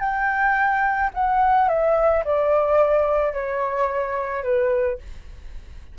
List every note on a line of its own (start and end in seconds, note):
0.00 1.10 G5
1.14 1.68 F#5
1.68 2.23 E5
2.24 3.33 D5
3.33 4.43 C#5
4.43 4.98 B4